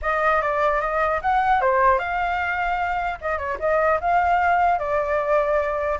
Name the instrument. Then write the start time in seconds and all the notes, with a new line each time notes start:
flute
0.01 D#5
0.41 D5
0.81 D#5
1.21 F#5
1.61 C5
1.98 F5
3.21 D#5
3.38 C#5
3.59 D#5
4.00 F5
4.78 D5